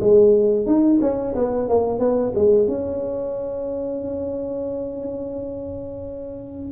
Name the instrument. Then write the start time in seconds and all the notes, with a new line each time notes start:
tuba
0.00 G#3
0.66 D#4
1.01 C#4
1.35 B3
1.69 A#3
1.99 B3
2.35 G#3
2.68 C#4